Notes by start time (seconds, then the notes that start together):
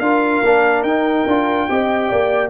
0.00 D4 F4 A#4 F5
0.44 A#3 D4
0.83 D#4 G5
1.27 D4 F4
1.70 C4 G4 D#5
2.09 A#3 D5